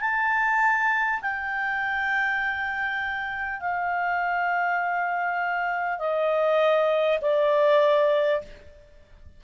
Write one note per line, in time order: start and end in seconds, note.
0.00 1.20 A5
1.21 3.60 G5
3.60 5.98 F5
5.98 7.18 D#5
7.21 8.41 D5